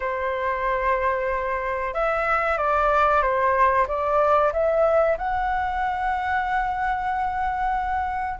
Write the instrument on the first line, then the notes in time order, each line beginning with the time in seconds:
flute
0.00 C5
1.94 E5
2.57 D5
3.21 C5
3.87 D5
4.52 E5
5.18 F#5